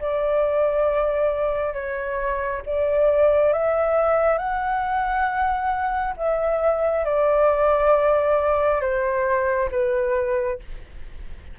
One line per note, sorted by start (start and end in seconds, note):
0.00 1.74 D5
1.74 2.62 C#5
2.66 3.53 D5
3.53 4.38 E5
4.38 6.15 F#5
6.17 7.05 E5
7.05 8.82 D5
8.82 9.70 C5
9.72 10.60 B4